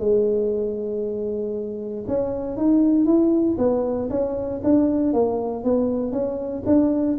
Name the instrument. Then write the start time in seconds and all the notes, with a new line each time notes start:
tuba
0.00 G#3
2.08 C#4
2.57 D#4
3.06 E4
3.58 B3
4.10 C#4
4.64 D4
5.13 A#3
5.64 B3
6.12 C#4
6.66 D4